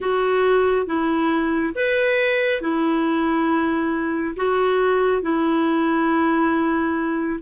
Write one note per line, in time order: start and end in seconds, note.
0.00 0.86 F#4
0.86 1.73 E4
1.75 2.61 B4
2.61 4.35 E4
4.36 5.22 F#4
5.22 7.39 E4